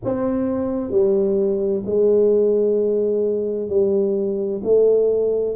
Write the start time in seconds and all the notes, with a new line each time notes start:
0.04 C4
0.91 G3
1.85 G#3
3.68 G3
4.63 A3